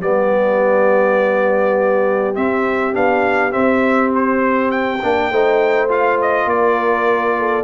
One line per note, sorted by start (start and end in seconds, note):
0.00 2.35 G3
0.00 2.34 B3
0.00 5.29 G4
0.00 2.35 D5
2.34 2.93 C4
2.34 2.94 C4
2.34 2.94 E5
2.93 3.54 B3
2.93 3.51 D4
2.93 3.52 F5
3.51 4.98 C4
3.51 5.02 C4
3.51 4.11 E5
4.14 4.70 C5
4.70 5.88 G5
5.02 5.30 A#3
5.02 5.32 D4
5.29 6.45 A3
5.29 5.88 D#4
5.29 6.47 C5
5.88 7.63 F4
5.88 6.20 F5
6.21 6.49 D#5
6.45 7.63 A#3
6.45 7.38 A#4
6.45 7.63 D5
7.38 7.63 A4